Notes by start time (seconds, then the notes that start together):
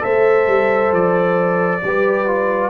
0.00 A3 A4 C5 E5
0.47 G3
0.91 F3 D5
1.83 G3 G4 B4
2.26 F4